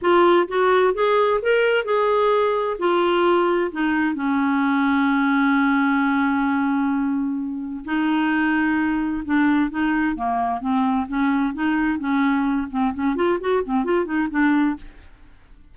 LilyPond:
\new Staff \with { instrumentName = "clarinet" } { \time 4/4 \tempo 4 = 130 f'4 fis'4 gis'4 ais'4 | gis'2 f'2 | dis'4 cis'2.~ | cis'1~ |
cis'4 dis'2. | d'4 dis'4 ais4 c'4 | cis'4 dis'4 cis'4. c'8 | cis'8 f'8 fis'8 c'8 f'8 dis'8 d'4 | }